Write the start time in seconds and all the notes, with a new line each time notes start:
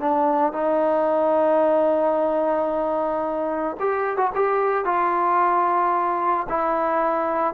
0.00 D4
0.53 D#4
3.80 G4
4.17 F#4
4.35 G4
4.85 F4
6.49 E4